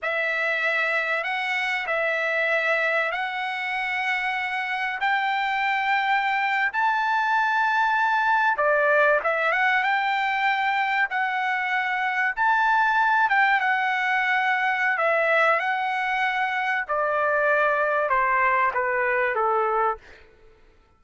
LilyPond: \new Staff \with { instrumentName = "trumpet" } { \time 4/4 \tempo 4 = 96 e''2 fis''4 e''4~ | e''4 fis''2. | g''2~ g''8. a''4~ a''16~ | a''4.~ a''16 d''4 e''8 fis''8 g''16~ |
g''4.~ g''16 fis''2 a''16~ | a''4~ a''16 g''8 fis''2~ fis''16 | e''4 fis''2 d''4~ | d''4 c''4 b'4 a'4 | }